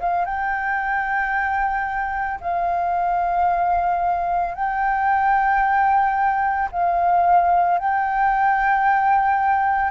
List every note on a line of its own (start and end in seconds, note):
0.00 0.25 F5
0.25 2.40 G5
2.41 4.54 F5
4.54 6.69 G5
6.72 7.79 F5
7.79 9.91 G5